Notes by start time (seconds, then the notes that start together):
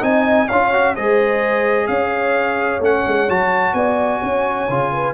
0.00 C4 D#4 D#5 G#5
0.48 C#4 F4 C#5 F5
0.73 F#4
0.95 G#3 G#4 C5 D#5
1.87 C#4 C#5 F5
2.79 A3 C#4 F#5
3.06 G#3
3.28 F#3 F#4 A5
3.73 B3 D5 G#5
4.19 C#4 C#5
4.68 C#3 F4
4.92 B4